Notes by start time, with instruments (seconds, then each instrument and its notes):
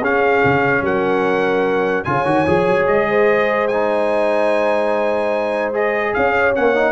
0.00 tuba C#4, trombone C#4, horn G#4, trumpet F5
0.44 tuba C#3
0.81 tuba F#3, horn A#4, trumpet F#5
2.03 tuba C#3, trombone F4, horn C#5, trumpet G#5
2.25 tuba D#3, trombone F#4
2.46 tuba F3, trombone G#4
2.67 tuba F#3
2.86 tuba G#3, trumpet D#5
3.09 horn C5
3.67 trombone D#4, trumpet G#5
5.73 trombone G#4, trumpet D#5
6.13 tuba C#4, horn C#5, trumpet F5
6.54 tuba A#3, trombone C#4, trumpet F#5
6.74 trombone D#4